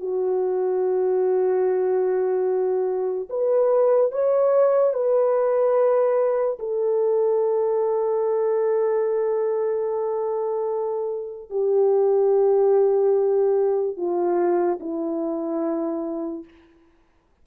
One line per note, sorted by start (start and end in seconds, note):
0.00 3.29 F#4
3.29 4.11 B4
4.11 4.94 C#5
4.94 6.58 B4
6.59 11.50 A4
11.50 13.97 G4
13.97 14.79 F4
14.80 16.44 E4